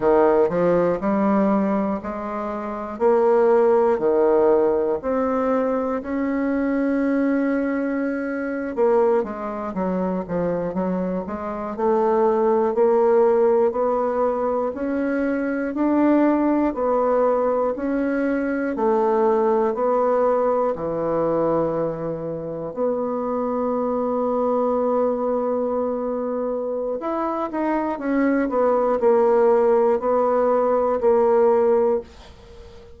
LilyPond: \new Staff \with { instrumentName = "bassoon" } { \time 4/4 \tempo 4 = 60 dis8 f8 g4 gis4 ais4 | dis4 c'4 cis'2~ | cis'8. ais8 gis8 fis8 f8 fis8 gis8 a16~ | a8. ais4 b4 cis'4 d'16~ |
d'8. b4 cis'4 a4 b16~ | b8. e2 b4~ b16~ | b2. e'8 dis'8 | cis'8 b8 ais4 b4 ais4 | }